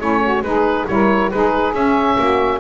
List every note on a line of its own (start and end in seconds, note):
0.00 0.42 A3
0.00 0.43 C#4
0.00 0.22 E4
0.00 0.44 C#5
0.24 0.46 F#4
0.42 0.86 G#3
0.42 0.88 D#4
0.42 0.90 G#4
0.42 0.87 B4
0.88 1.32 G3
0.88 1.31 E4
0.88 1.33 A#4
0.88 1.31 C#5
1.31 1.74 G#3
1.31 1.75 D#4
1.31 2.20 G#4
1.31 1.75 B4
1.74 2.17 C#4
1.74 2.60 C#4
1.74 2.60 E5
2.19 2.60 A#3
2.19 2.60 F#4